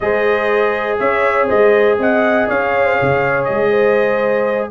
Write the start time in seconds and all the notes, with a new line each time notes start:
0.00 G#3 G#4 C5 D#5
0.99 C#4 C#5 E5
1.47 G#3 C5 D#5
1.98 C4 D#5 F#5
2.48 C#4 C#5 F5
2.85 C5
2.95 C#5
3.01 C#3
3.44 G#3 D#5
3.70 C5